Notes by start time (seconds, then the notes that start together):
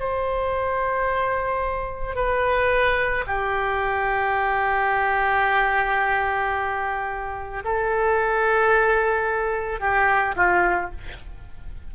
0.00 C5
2.15 B4
3.27 G4
7.65 A4
9.80 G4
10.36 F4